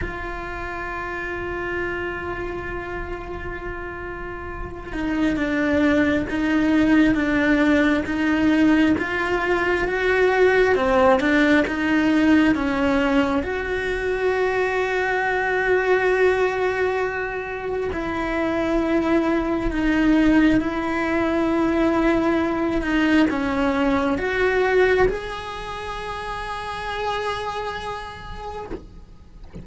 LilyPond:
\new Staff \with { instrumentName = "cello" } { \time 4/4 \tempo 4 = 67 f'1~ | f'4. dis'8 d'4 dis'4 | d'4 dis'4 f'4 fis'4 | c'8 d'8 dis'4 cis'4 fis'4~ |
fis'1 | e'2 dis'4 e'4~ | e'4. dis'8 cis'4 fis'4 | gis'1 | }